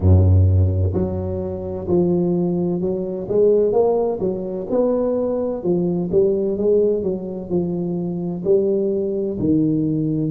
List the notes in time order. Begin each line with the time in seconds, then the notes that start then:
0.00 F#2
0.93 F#3
1.87 F3
2.80 F#3
3.29 G#3
3.72 A#3
4.20 F#3
4.70 B3
5.62 F3
6.11 G3
6.57 G#3
7.02 F#3
7.49 F3
8.44 G3
9.39 D#3